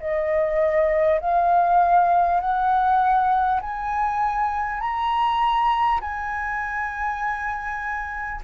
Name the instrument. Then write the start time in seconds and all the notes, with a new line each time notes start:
flute
0.00 D#5
1.20 F5
2.40 F#5
3.60 G#5
4.80 A#5
6.01 G#5